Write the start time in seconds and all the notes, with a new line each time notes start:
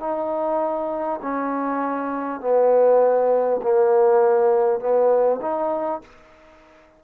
0.00 D#4
1.22 C#4
2.41 B3
3.63 A#3
4.80 B3
5.42 D#4